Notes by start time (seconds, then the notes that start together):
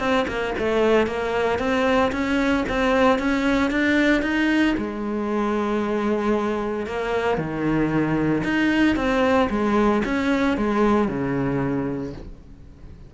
0.00 C4
0.28 A#3
0.59 A3
1.07 A#3
1.59 C4
2.12 C#4
2.69 C4
3.20 C#4
3.71 D4
4.23 D#4
4.78 G#3
6.87 A#3
7.38 D#3
8.44 D#4
8.97 C4
9.51 G#3
10.06 C#4
10.58 G#3
11.08 C#3